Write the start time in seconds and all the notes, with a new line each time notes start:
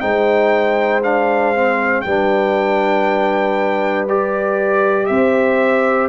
0.00 G#3 D#4 C5 G5
1.03 D4 F5
1.55 C4
2.01 G3 D4 B4 G5
4.08 G4 D5
5.06 C4 C5 E5